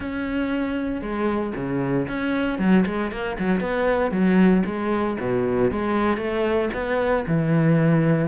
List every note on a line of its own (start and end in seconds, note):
0.00 1.01 C#4
1.01 1.53 G#3
1.55 2.07 C#3
2.08 2.59 C#4
2.59 2.84 F#3
2.86 3.11 G#3
3.11 3.37 A#3
3.39 3.60 F#3
3.60 4.11 B3
4.11 4.63 F#3
4.65 5.17 G#3
5.20 5.71 B2
5.71 6.17 G#3
6.17 6.69 A3
6.73 7.25 B3
7.27 8.27 E3